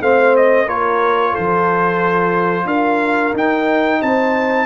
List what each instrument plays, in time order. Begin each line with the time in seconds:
0.00 tuba A3, trombone C4, horn C5, trumpet F5
0.36 trumpet D#5
0.66 tuba A#3, trombone F4, horn A#4, trumpet C#5
1.31 horn A4, trumpet C5
1.37 tuba F3
2.65 tuba D4, horn A#4, trumpet F5
3.33 tuba D#4, trombone D#4, trumpet G5
4.01 tuba C4, horn C5, trumpet A5